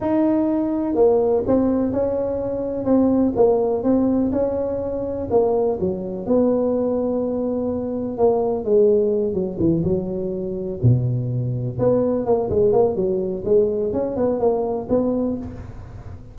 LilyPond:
\new Staff \with { instrumentName = "tuba" } { \time 4/4 \tempo 4 = 125 dis'2 ais4 c'4 | cis'2 c'4 ais4 | c'4 cis'2 ais4 | fis4 b2.~ |
b4 ais4 gis4. fis8 | e8 fis2 b,4.~ | b,8 b4 ais8 gis8 ais8 fis4 | gis4 cis'8 b8 ais4 b4 | }